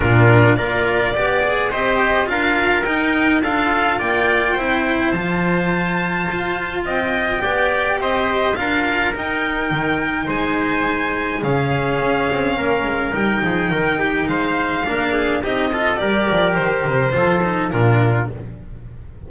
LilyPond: <<
  \new Staff \with { instrumentName = "violin" } { \time 4/4 \tempo 4 = 105 ais'4 d''2 dis''4 | f''4 g''4 f''4 g''4~ | g''4 a''2. | g''2 dis''4 f''4 |
g''2 gis''2 | f''2. g''4~ | g''4 f''2 dis''4 | d''4 c''2 ais'4 | }
  \new Staff \with { instrumentName = "trumpet" } { \time 4/4 f'4 ais'4 d''4 c''4 | ais'2 a'4 d''4 | c''1 | dis''4 d''4 c''4 ais'4~ |
ais'2 c''2 | gis'2 ais'4. gis'8 | ais'8 g'8 c''4 ais'8 gis'8 g'8 a'8 | ais'2 a'4 f'4 | }
  \new Staff \with { instrumentName = "cello" } { \time 4/4 d'4 f'4 g'8 gis'8 g'4 | f'4 dis'4 f'2 | e'4 f'2.~ | f'4 g'2 f'4 |
dis'1 | cis'2. dis'4~ | dis'2 d'4 dis'8 f'8 | g'2 f'8 dis'8 d'4 | }
  \new Staff \with { instrumentName = "double bass" } { \time 4/4 ais,4 ais4 b4 c'4 | d'4 dis'4 d'4 ais4 | c'4 f2 f'4 | c'4 b4 c'4 d'4 |
dis'4 dis4 gis2 | cis4 cis'8 c'8 ais8 gis8 g8 f8 | dis4 gis4 ais4 c'4 | g8 f8 dis8 c8 f4 ais,4 | }
>>